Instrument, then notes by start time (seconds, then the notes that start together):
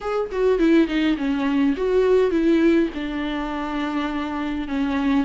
viola
0.00 G#4
0.31 F#4
0.58 E4
0.87 D#4
1.17 C#4
1.77 F#4
2.31 E4
2.94 D4
4.68 C#4